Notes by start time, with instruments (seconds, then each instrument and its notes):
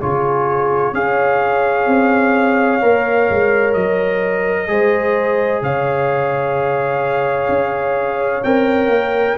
0.00 tuba C#3, trombone F4, horn G#4, trumpet C#5
0.93 tuba C#4, trombone G#4, horn C#5, trumpet F5
1.87 tuba C4
2.82 tuba A#3, trombone A#4
3.30 tuba G#3
3.74 tuba F#3, trumpet D#5
4.68 tuba G#3, trombone G#4, horn C5
5.62 tuba C#3, horn C#5, trumpet F5
7.49 tuba C#4
8.44 tuba C4, trombone A#4, trumpet G5
8.88 tuba A#3